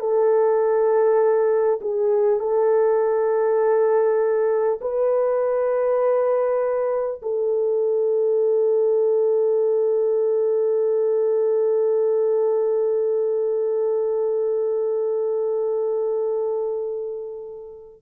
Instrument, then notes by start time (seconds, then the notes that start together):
horn
0.00 A4
1.82 G#4
2.40 A4
4.82 B4
7.23 A4